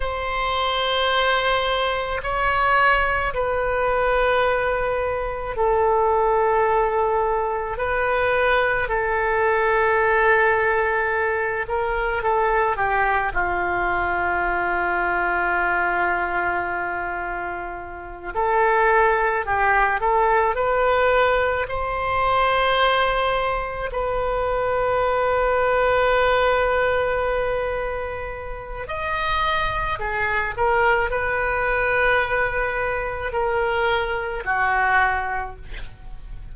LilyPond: \new Staff \with { instrumentName = "oboe" } { \time 4/4 \tempo 4 = 54 c''2 cis''4 b'4~ | b'4 a'2 b'4 | a'2~ a'8 ais'8 a'8 g'8 | f'1~ |
f'8 a'4 g'8 a'8 b'4 c''8~ | c''4. b'2~ b'8~ | b'2 dis''4 gis'8 ais'8 | b'2 ais'4 fis'4 | }